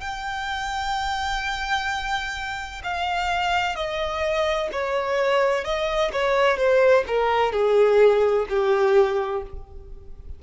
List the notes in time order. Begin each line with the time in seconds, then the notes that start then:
0.00 G5
2.83 F5
3.75 D#5
4.72 C#5
5.64 D#5
6.12 C#5
6.57 C5
7.07 A#4
7.52 G#4
8.49 G4